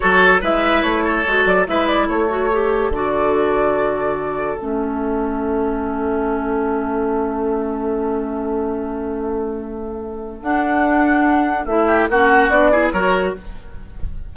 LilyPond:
<<
  \new Staff \with { instrumentName = "flute" } { \time 4/4 \tempo 4 = 144 cis''4 e''4 cis''4. d''8 | e''8 d''8 cis''2 d''4~ | d''2. e''4~ | e''1~ |
e''1~ | e''1~ | e''4 fis''2. | e''4 fis''4 d''4 cis''4 | }
  \new Staff \with { instrumentName = "oboe" } { \time 4/4 a'4 b'4. a'4. | b'4 a'2.~ | a'1~ | a'1~ |
a'1~ | a'1~ | a'1~ | a'8 g'8 fis'4. gis'8 ais'4 | }
  \new Staff \with { instrumentName = "clarinet" } { \time 4/4 fis'4 e'2 fis'4 | e'4. fis'8 g'4 fis'4~ | fis'2. cis'4~ | cis'1~ |
cis'1~ | cis'1~ | cis'4 d'2. | e'4 cis'4 d'8 e'8 fis'4 | }
  \new Staff \with { instrumentName = "bassoon" } { \time 4/4 fis4 gis4 a4 gis8 fis8 | gis4 a2 d4~ | d2. a4~ | a1~ |
a1~ | a1~ | a4 d'2. | a4 ais4 b4 fis4 | }
>>